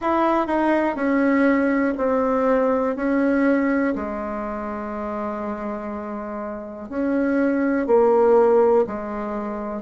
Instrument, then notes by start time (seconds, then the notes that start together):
bassoon
0.00 E4
0.46 D#4
0.95 C#4
1.97 C4
2.96 C#4
3.95 G#3
6.89 C#4
7.86 A#3
8.87 G#3